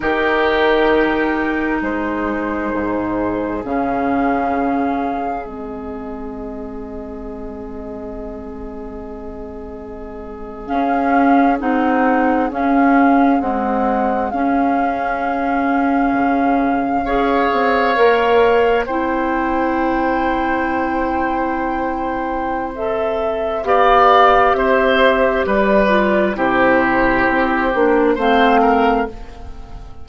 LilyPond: <<
  \new Staff \with { instrumentName = "flute" } { \time 4/4 \tempo 4 = 66 ais'2 c''2 | f''2 dis''2~ | dis''2.~ dis''8. f''16~ | f''8. fis''4 f''4 fis''4 f''16~ |
f''1~ | f''8. g''2.~ g''16~ | g''4 e''4 f''4 e''4 | d''4 c''2 f''4 | }
  \new Staff \with { instrumentName = "oboe" } { \time 4/4 g'2 gis'2~ | gis'1~ | gis'1~ | gis'1~ |
gis'2~ gis'8. cis''4~ cis''16~ | cis''8. c''2.~ c''16~ | c''2 d''4 c''4 | b'4 g'2 c''8 ais'8 | }
  \new Staff \with { instrumentName = "clarinet" } { \time 4/4 dis'1 | cis'2 c'2~ | c'2.~ c'8. cis'16~ | cis'8. dis'4 cis'4 gis4 cis'16~ |
cis'2~ cis'8. gis'4 ais'16~ | ais'8. e'2.~ e'16~ | e'4 a'4 g'2~ | g'8 f'8 e'4. d'8 c'4 | }
  \new Staff \with { instrumentName = "bassoon" } { \time 4/4 dis2 gis4 gis,4 | cis2 gis2~ | gis2.~ gis8. cis'16~ | cis'8. c'4 cis'4 c'4 cis'16~ |
cis'4.~ cis'16 cis4 cis'8 c'8 ais16~ | ais8. c'2.~ c'16~ | c'2 b4 c'4 | g4 c4 c'8 ais8 a4 | }
>>